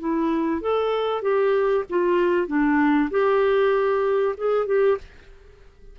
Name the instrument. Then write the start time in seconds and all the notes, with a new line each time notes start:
clarinet
0.00 E4
0.61 A4
1.22 G4
1.90 F4
2.48 D4
3.11 G4
4.38 G#4
4.67 G4